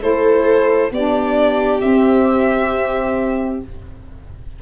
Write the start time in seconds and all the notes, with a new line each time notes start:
0.00 A3 E4 A4 C5
0.91 B3 D4 G4 D5
1.80 C4 E5